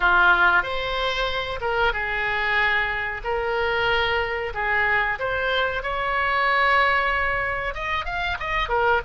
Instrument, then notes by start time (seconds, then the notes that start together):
oboe
0.00 F4
0.62 C5
1.60 A#4
1.92 G#4
3.24 A#4
4.54 G#4
5.19 C5
5.82 C#5
7.74 D#5
8.05 F5
8.39 D#5
8.68 A#4